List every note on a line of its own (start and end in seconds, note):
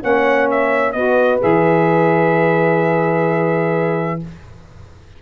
0.00 0.94 A#3
0.00 0.93 C#4
0.00 0.95 C#5
0.00 0.50 F#5
0.50 0.92 E5
0.92 1.41 B3
0.92 1.40 F#4
0.92 4.22 B4
0.92 1.39 D#5
1.40 4.22 E3
1.40 4.19 G#4
1.40 4.21 E5